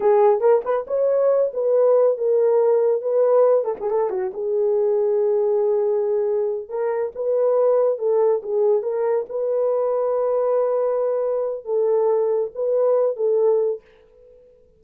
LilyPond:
\new Staff \with { instrumentName = "horn" } { \time 4/4 \tempo 4 = 139 gis'4 ais'8 b'8 cis''4. b'8~ | b'4 ais'2 b'4~ | b'8 a'16 gis'16 a'8 fis'8 gis'2~ | gis'2.~ gis'8 ais'8~ |
ais'8 b'2 a'4 gis'8~ | gis'8 ais'4 b'2~ b'8~ | b'2. a'4~ | a'4 b'4. a'4. | }